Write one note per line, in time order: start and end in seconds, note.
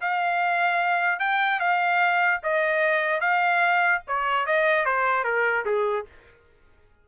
0.00 1.19 F5
1.19 1.59 G5
1.59 2.40 F5
2.43 3.20 D#5
3.20 4.01 F5
4.07 4.46 C#5
4.46 4.85 D#5
4.85 5.24 C5
5.24 5.64 A#4
5.65 6.06 G#4